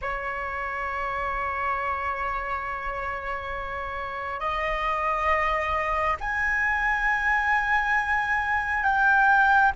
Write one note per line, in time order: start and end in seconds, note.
0.01 4.40 C#5
4.40 6.16 D#5
6.20 8.83 G#5
8.83 9.71 G5